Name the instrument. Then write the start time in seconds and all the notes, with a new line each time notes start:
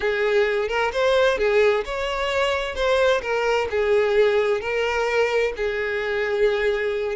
violin
0.00 G#4
0.68 A#4
0.92 C5
1.38 G#4
1.85 C#5
2.75 C5
3.21 A#4
3.70 G#4
4.60 A#4
5.56 G#4